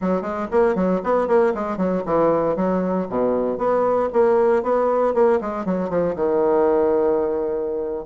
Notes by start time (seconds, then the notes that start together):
0.01 F#3
0.21 G#3
0.51 A#3
0.75 F#3
1.03 B3
1.27 A#3
1.54 G#3
1.77 F#3
2.05 E3
2.55 F#3
3.09 B2
3.58 B3
4.12 A#3
4.62 B3
5.14 A#3
5.40 G#3
5.65 F#3
5.89 F3
6.15 D#3